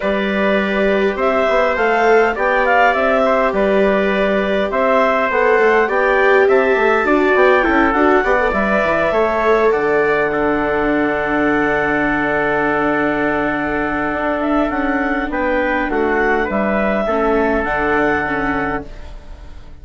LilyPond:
<<
  \new Staff \with { instrumentName = "clarinet" } { \time 4/4 \tempo 4 = 102 d''2 e''4 f''4 | g''8 f''8 e''4 d''2 | e''4 fis''4 g''4 a''4~ | a''8 g''4 fis''4 e''4.~ |
e''8 fis''2.~ fis''8~ | fis''1~ | fis''8 e''8 fis''4 g''4 fis''4 | e''2 fis''2 | }
  \new Staff \with { instrumentName = "trumpet" } { \time 4/4 b'2 c''2 | d''4. c''8 b'2 | c''2 d''4 e''4 | d''4 a'4 d''4. cis''8~ |
cis''8 d''4 a'2~ a'8~ | a'1~ | a'2 b'4 fis'4 | b'4 a'2. | }
  \new Staff \with { instrumentName = "viola" } { \time 4/4 g'2. a'4 | g'1~ | g'4 a'4 g'2 | fis'4 e'8 fis'8 g'16 a'16 b'4 a'8~ |
a'4. d'2~ d'8~ | d'1~ | d'1~ | d'4 cis'4 d'4 cis'4 | }
  \new Staff \with { instrumentName = "bassoon" } { \time 4/4 g2 c'8 b8 a4 | b4 c'4 g2 | c'4 b8 a8 b4 c'8 a8 | d'8 b8 cis'8 d'8 b8 g8 e8 a8~ |
a8 d2.~ d8~ | d1 | d'4 cis'4 b4 a4 | g4 a4 d2 | }
>>